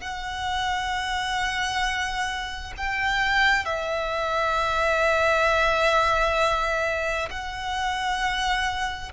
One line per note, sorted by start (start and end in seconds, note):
0.00 2.73 F#5
2.77 3.65 G5
3.65 7.29 E5
7.30 9.12 F#5